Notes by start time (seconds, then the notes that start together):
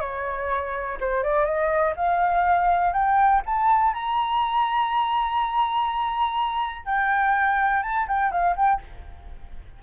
0.00 C#5
1.00 C5
1.23 D5
1.45 D#5
1.96 F5
2.93 G5
3.46 A5
3.94 A#5
6.85 G5
7.82 A5
8.08 G5
8.31 F5
8.56 G5